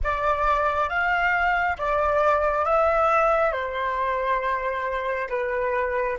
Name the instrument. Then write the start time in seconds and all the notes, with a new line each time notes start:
flute
0.03 D5
0.89 F5
1.78 D5
2.65 E5
3.51 C5
5.29 B4